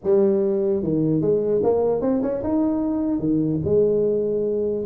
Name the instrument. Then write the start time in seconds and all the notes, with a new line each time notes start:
tuba
0.03 G3
0.82 D#3
1.21 G#3
1.63 A#3
2.01 C4
2.22 C#4
2.43 D#4
3.19 D#3
3.64 G#3